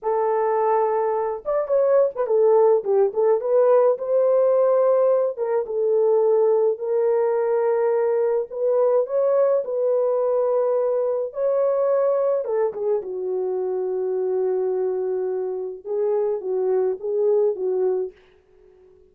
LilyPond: \new Staff \with { instrumentName = "horn" } { \time 4/4 \tempo 4 = 106 a'2~ a'8 d''8 cis''8. b'16 | a'4 g'8 a'8 b'4 c''4~ | c''4. ais'8 a'2 | ais'2. b'4 |
cis''4 b'2. | cis''2 a'8 gis'8 fis'4~ | fis'1 | gis'4 fis'4 gis'4 fis'4 | }